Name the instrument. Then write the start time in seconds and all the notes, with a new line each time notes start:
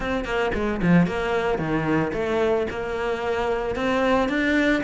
cello
0.00 C4
0.25 A#3
0.54 G#3
0.82 F3
1.06 A#3
1.58 D#3
2.13 A3
2.70 A#3
3.75 C4
4.29 D4